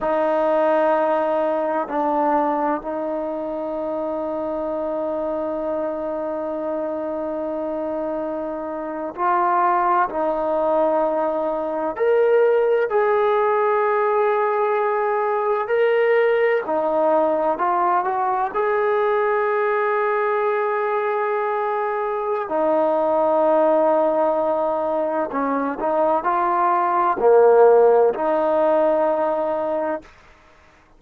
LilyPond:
\new Staff \with { instrumentName = "trombone" } { \time 4/4 \tempo 4 = 64 dis'2 d'4 dis'4~ | dis'1~ | dis'4.~ dis'16 f'4 dis'4~ dis'16~ | dis'8. ais'4 gis'2~ gis'16~ |
gis'8. ais'4 dis'4 f'8 fis'8 gis'16~ | gis'1 | dis'2. cis'8 dis'8 | f'4 ais4 dis'2 | }